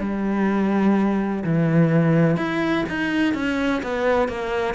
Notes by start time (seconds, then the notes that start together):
0.00 G3
1.45 E3
2.37 E4
2.89 D#4
3.34 C#4
3.83 B3
4.29 A#3